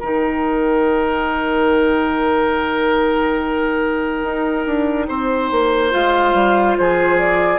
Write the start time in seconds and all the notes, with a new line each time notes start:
0.00 D#3 D#4 A#4 G5
4.23 D#4
4.66 D4
5.09 C4 C5
5.51 A#3
5.91 G#3 F4 F5
6.34 G3
6.78 F3 G#4 C5
7.19 D5